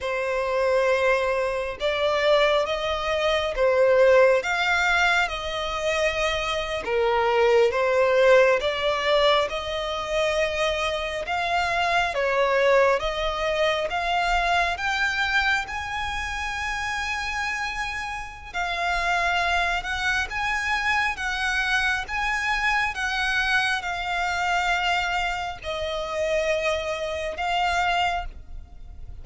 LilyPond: \new Staff \with { instrumentName = "violin" } { \time 4/4 \tempo 4 = 68 c''2 d''4 dis''4 | c''4 f''4 dis''4.~ dis''16 ais'16~ | ais'8. c''4 d''4 dis''4~ dis''16~ | dis''8. f''4 cis''4 dis''4 f''16~ |
f''8. g''4 gis''2~ gis''16~ | gis''4 f''4. fis''8 gis''4 | fis''4 gis''4 fis''4 f''4~ | f''4 dis''2 f''4 | }